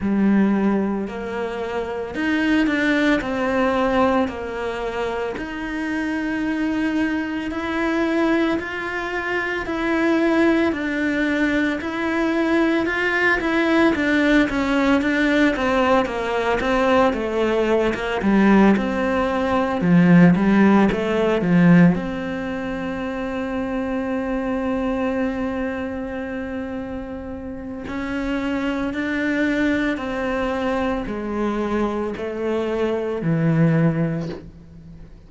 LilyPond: \new Staff \with { instrumentName = "cello" } { \time 4/4 \tempo 4 = 56 g4 ais4 dis'8 d'8 c'4 | ais4 dis'2 e'4 | f'4 e'4 d'4 e'4 | f'8 e'8 d'8 cis'8 d'8 c'8 ais8 c'8 |
a8. ais16 g8 c'4 f8 g8 a8 | f8 c'2.~ c'8~ | c'2 cis'4 d'4 | c'4 gis4 a4 e4 | }